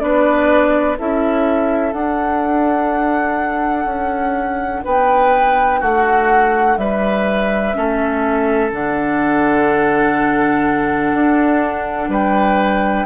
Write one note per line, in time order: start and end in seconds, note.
0.00 0.98 B3
0.00 0.97 D4
0.00 0.99 B4
0.00 0.97 D5
0.99 1.94 C#4
0.99 1.93 E4
0.99 4.84 A4
0.99 1.93 E5
1.93 7.73 D4
1.93 3.85 D4
1.93 4.84 F#5
3.85 4.82 C#4
4.84 5.82 B3
4.84 5.80 B4
4.84 5.83 G5
5.80 6.78 A3
5.80 6.77 F#4
5.80 6.78 F#5
6.78 7.74 G3
6.78 7.77 B4
6.78 8.72 E5
7.73 8.72 A3
7.73 8.70 C#4
7.73 12.10 A4
8.72 11.14 D3
8.72 13.07 D4
8.72 12.11 F#5
11.14 12.09 D4
12.09 13.05 G3
12.09 13.07 B4
12.09 13.07 G5